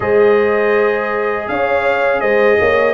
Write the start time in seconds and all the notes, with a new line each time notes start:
0.00 G#3 G#4 C5 D#5
1.48 C#4 C#5 F5
2.20 G#3 C5 D#5
2.59 A#3 C#5